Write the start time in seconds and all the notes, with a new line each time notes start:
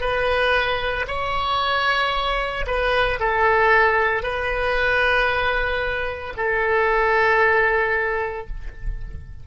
0.00 B4
1.07 C#5
2.67 B4
3.19 A4
4.22 B4
6.36 A4